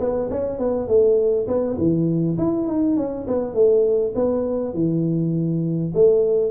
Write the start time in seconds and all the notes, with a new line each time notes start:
0.00 B3
0.31 C#4
0.59 B3
0.88 A3
1.48 B3
1.78 E3
2.38 E4
2.68 D#4
2.97 C#4
3.28 B3
3.55 A3
4.15 B3
4.74 E3
5.94 A3